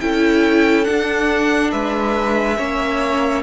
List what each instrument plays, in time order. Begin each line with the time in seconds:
0.00 cello C#4, viola E4, violin A4 G5
0.84 viola D4, cello D4, violin F#5
1.71 cello G#3, violin B4 E5
2.57 cello A#3, viola C#4, violin C#5